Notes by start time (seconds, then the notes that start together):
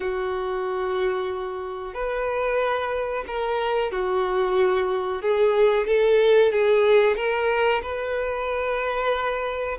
0.00 F#4
1.94 B4
3.27 A#4
3.91 F#4
5.22 G#4
5.86 A4
6.52 G#4
7.16 A#4
7.82 B4